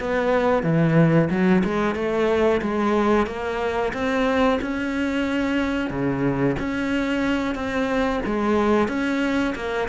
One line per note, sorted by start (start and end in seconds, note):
0.00 0.64 B3
0.64 1.29 E3
1.31 1.64 F#3
1.65 1.95 G#3
1.95 2.61 A3
2.62 3.27 G#3
3.27 3.93 A#3
3.94 4.60 C4
4.62 5.91 C#4
5.91 6.57 C#3
6.59 7.55 C#4
7.55 8.21 C4
8.27 8.89 G#3
8.89 9.55 C#4
9.56 9.89 A#3